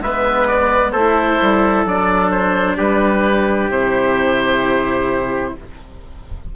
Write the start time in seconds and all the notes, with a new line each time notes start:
0.00 G#3 B3 B4 E5
0.47 D5
0.92 A3 E4 A4 C5
1.41 G3
1.85 F#3 D4 D5
2.31 C5
2.77 G3 G4 B4
3.70 C3 E4 C5